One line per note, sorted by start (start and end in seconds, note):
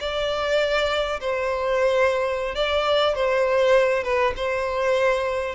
0.00 1.20 D5
1.20 2.55 C5
2.55 3.15 D5
3.15 4.04 C5
4.04 4.34 B4
4.36 5.55 C5